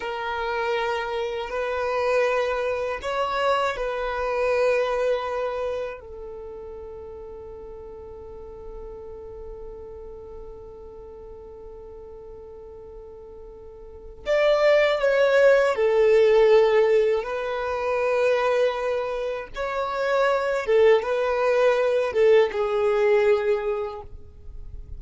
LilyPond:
\new Staff \with { instrumentName = "violin" } { \time 4/4 \tempo 4 = 80 ais'2 b'2 | cis''4 b'2. | a'1~ | a'1~ |
a'2. d''4 | cis''4 a'2 b'4~ | b'2 cis''4. a'8 | b'4. a'8 gis'2 | }